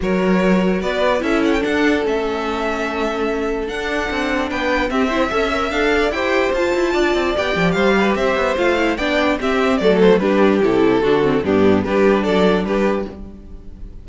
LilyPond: <<
  \new Staff \with { instrumentName = "violin" } { \time 4/4 \tempo 4 = 147 cis''2 d''4 e''8 fis''16 g''16 | fis''4 e''2.~ | e''4 fis''2 g''4 | e''2 f''4 g''4 |
a''2 g''4 f''4 | e''4 f''4 g''4 e''4 | d''8 c''8 b'4 a'2 | g'4 b'4 d''4 b'4 | }
  \new Staff \with { instrumentName = "violin" } { \time 4/4 ais'2 b'4 a'4~ | a'1~ | a'2. b'4 | g'8 c''8 e''4. d''8 c''4~ |
c''4 d''2 c''8 b'8 | c''2 d''4 g'4 | a'4 g'2 fis'4 | d'4 g'4 a'4 g'4 | }
  \new Staff \with { instrumentName = "viola" } { \time 4/4 fis'2. e'4 | d'4 cis'2.~ | cis'4 d'2. | c'8 e'8 a'8 ais'8 a'4 g'4 |
f'2 g'2~ | g'4 f'8 e'8 d'4 c'4 | a4 d'4 e'4 d'8 c'8 | b4 d'2. | }
  \new Staff \with { instrumentName = "cello" } { \time 4/4 fis2 b4 cis'4 | d'4 a2.~ | a4 d'4 c'4 b4 | c'4 cis'4 d'4 e'4 |
f'8 e'8 d'8 c'8 b8 f8 g4 | c'8 b8 a4 b4 c'4 | fis4 g4 c4 d4 | g,4 g4 fis4 g4 | }
>>